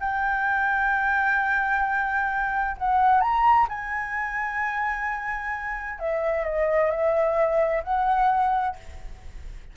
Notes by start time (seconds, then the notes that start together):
0.00 G5
2.78 F#5
3.21 A#5
3.69 G#5
5.99 E5
6.45 D#5
6.91 E5
7.84 F#5